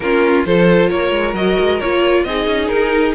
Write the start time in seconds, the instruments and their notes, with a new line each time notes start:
0.00 cello A#3, viola C#4, violin F4 A#4
0.45 cello F3, viola F4, violin A4 C5
0.89 cello A#3, violin A#4 C#5
1.11 cello G#3
1.33 cello F#3, viola F#4, violin D#5
1.59 cello G#3
1.80 cello A#3, viola F4, violin C#5
2.23 cello C4, viola D#4, violin G#4 D#5
2.46 cello C#4
2.68 cello D#4, violin A#4